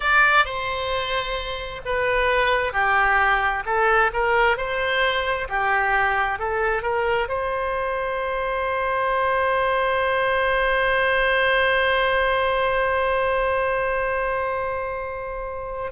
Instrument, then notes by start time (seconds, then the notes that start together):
oboe
0.00 D5
0.45 C5
1.85 B4
2.72 G4
3.65 A4
4.13 A#4
4.57 C5
5.48 G4
6.38 A4
6.82 A#4
7.28 C5